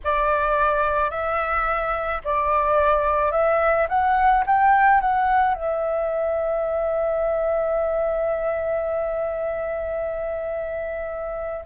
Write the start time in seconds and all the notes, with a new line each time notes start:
0.04 D5
1.10 E5
2.24 D5
3.31 E5
3.88 F#5
4.46 G5
5.01 F#5
5.54 E5